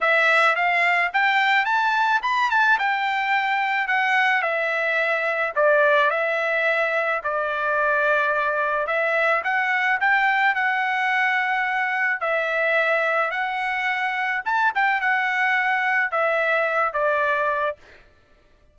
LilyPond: \new Staff \with { instrumentName = "trumpet" } { \time 4/4 \tempo 4 = 108 e''4 f''4 g''4 a''4 | b''8 a''8 g''2 fis''4 | e''2 d''4 e''4~ | e''4 d''2. |
e''4 fis''4 g''4 fis''4~ | fis''2 e''2 | fis''2 a''8 g''8 fis''4~ | fis''4 e''4. d''4. | }